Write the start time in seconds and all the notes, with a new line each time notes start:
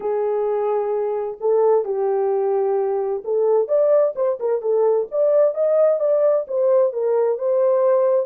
0.00 G#4
1.40 A4
1.84 G4
3.24 A4
3.67 D5
4.15 C5
4.39 A#4
4.61 A4
5.11 D5
5.54 D#5
6.00 D5
6.47 C5
6.92 A#4
7.38 C5